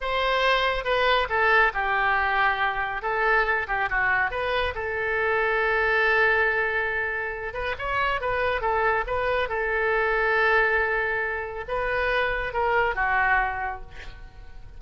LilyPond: \new Staff \with { instrumentName = "oboe" } { \time 4/4 \tempo 4 = 139 c''2 b'4 a'4 | g'2. a'4~ | a'8 g'8 fis'4 b'4 a'4~ | a'1~ |
a'4. b'8 cis''4 b'4 | a'4 b'4 a'2~ | a'2. b'4~ | b'4 ais'4 fis'2 | }